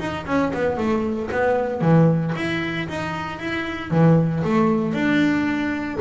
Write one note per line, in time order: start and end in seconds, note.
0.00 0.26 D#4
0.26 0.52 C#4
0.54 0.77 B3
0.77 1.29 A3
1.32 1.82 B3
1.82 2.34 E3
2.36 2.88 E4
2.89 3.40 D#4
3.40 3.91 E4
3.91 4.43 E3
4.44 4.94 A3
4.94 5.98 D4